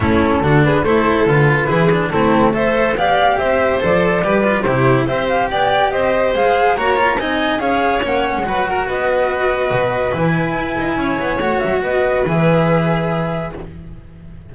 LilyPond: <<
  \new Staff \with { instrumentName = "flute" } { \time 4/4 \tempo 4 = 142 a'4. b'8 c''4 b'4~ | b'4 a'4 e''4 f''4 | e''4 d''2 c''4 | e''8 f''8 g''4 dis''4 f''4 |
ais''4 gis''4 f''4 fis''4~ | fis''4 dis''2. | gis''2. fis''8 e''8 | dis''4 e''2. | }
  \new Staff \with { instrumentName = "violin" } { \time 4/4 e'4 fis'8 gis'8 a'2 | gis'4 e'4 c''4 d''4 | c''2 b'4 g'4 | c''4 d''4 c''2 |
cis''4 dis''4 cis''2 | b'8 ais'8 b'2.~ | b'2 cis''2 | b'1 | }
  \new Staff \with { instrumentName = "cello" } { \time 4/4 cis'4 d'4 e'4 f'4 | e'8 d'8 c'4 a'4 g'4~ | g'4 a'4 g'8 f'8 e'4 | g'2. gis'4 |
fis'8 f'8 dis'4 gis'4 cis'4 | fis'1 | e'2. fis'4~ | fis'4 gis'2. | }
  \new Staff \with { instrumentName = "double bass" } { \time 4/4 a4 d4 a4 d4 | e4 a2 b4 | c'4 f4 g4 c4 | c'4 b4 c'4 gis4 |
ais4 c'4 cis'4 ais8. gis16 | fis4 b2 b,4 | e4 e'8 dis'8 cis'8 b8 a8 fis8 | b4 e2. | }
>>